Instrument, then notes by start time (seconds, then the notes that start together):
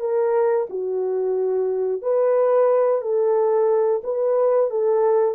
horn
0.00 A#4
0.70 F#4
2.02 B4
3.02 A4
4.04 B4
4.70 A4